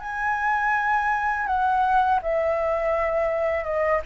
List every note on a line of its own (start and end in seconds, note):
0.00 1.46 G#5
1.46 2.20 F#5
2.22 3.64 E5
3.64 4.01 D#5